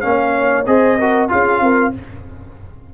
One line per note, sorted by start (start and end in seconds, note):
0.00 0.66 A#3
0.00 0.65 C#4
0.00 0.63 F5
0.06 0.68 C#5
0.66 1.29 C4
0.66 0.98 G#4
0.66 0.98 C5
0.66 1.29 D#5
0.98 1.29 F#4
0.98 1.30 A#4
1.29 1.59 C#4
1.29 1.92 F4
1.29 1.62 G#4
1.29 1.94 F5
1.59 1.91 C4
1.59 1.94 A#4